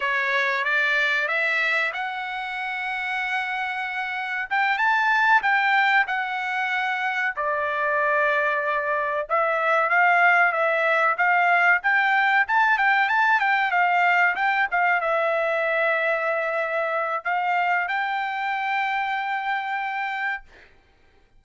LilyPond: \new Staff \with { instrumentName = "trumpet" } { \time 4/4 \tempo 4 = 94 cis''4 d''4 e''4 fis''4~ | fis''2. g''8 a''8~ | a''8 g''4 fis''2 d''8~ | d''2~ d''8 e''4 f''8~ |
f''8 e''4 f''4 g''4 a''8 | g''8 a''8 g''8 f''4 g''8 f''8 e''8~ | e''2. f''4 | g''1 | }